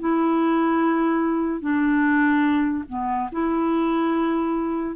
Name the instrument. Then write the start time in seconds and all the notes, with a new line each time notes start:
clarinet
0.00 E4
1.61 D4
2.89 B3
3.33 E4